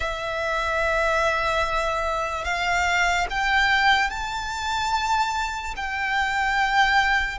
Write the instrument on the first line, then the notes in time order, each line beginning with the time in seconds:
violin
0.00 E5
2.44 F5
3.30 G5
4.09 A5
5.76 G5